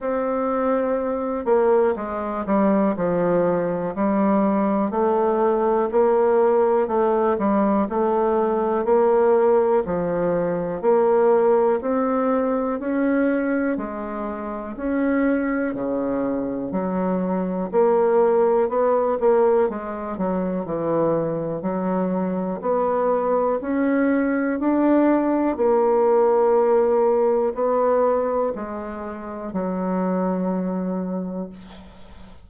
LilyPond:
\new Staff \with { instrumentName = "bassoon" } { \time 4/4 \tempo 4 = 61 c'4. ais8 gis8 g8 f4 | g4 a4 ais4 a8 g8 | a4 ais4 f4 ais4 | c'4 cis'4 gis4 cis'4 |
cis4 fis4 ais4 b8 ais8 | gis8 fis8 e4 fis4 b4 | cis'4 d'4 ais2 | b4 gis4 fis2 | }